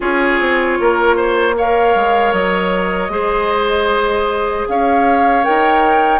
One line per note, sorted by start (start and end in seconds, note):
0.00 0.39 C#4
0.00 1.54 F4
0.00 0.78 G#4
0.00 1.56 C#5
0.39 0.78 C4
0.80 1.95 A#3
0.80 1.16 A#4
1.16 1.55 C5
1.57 3.09 A#4
1.57 3.12 C#5
1.57 2.33 F5
1.95 2.32 G#3
2.32 3.09 F#3
2.32 4.66 D#5
3.09 4.65 G#3
3.09 5.43 G#4
3.09 4.68 C5
4.68 5.46 C#4
4.68 6.20 C#5
4.68 5.44 F5
5.43 6.20 D#4
5.43 6.20 A#4
5.43 6.20 G5